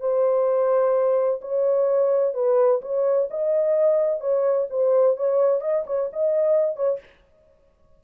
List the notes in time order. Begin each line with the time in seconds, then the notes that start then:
0.00 C5
1.41 C#5
2.34 B4
2.82 C#5
3.30 D#5
4.21 C#5
4.70 C5
5.17 C#5
5.61 D#5
5.87 C#5
6.13 D#5
6.76 C#5